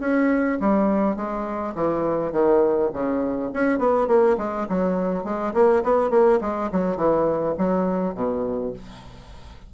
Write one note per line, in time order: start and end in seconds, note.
0.00 0.58 C#4
0.60 1.16 G3
1.16 1.74 G#3
1.74 2.32 E3
2.32 2.90 D#3
2.93 3.51 C#3
3.53 3.78 C#4
3.78 4.07 B3
4.07 4.36 A#3
4.38 4.67 G#3
4.69 5.24 F#3
5.24 5.53 G#3
5.54 5.83 A#3
5.83 6.10 B3
6.10 6.39 A#3
6.41 6.70 G#3
6.71 6.96 F#3
6.96 7.55 E3
7.58 8.14 F#3
8.14 8.73 B2